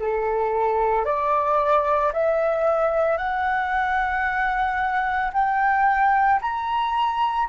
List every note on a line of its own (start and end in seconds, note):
0.00 1.05 A4
1.05 2.12 D5
2.13 3.18 E5
3.18 5.32 F#5
5.33 6.40 G5
6.41 7.49 A#5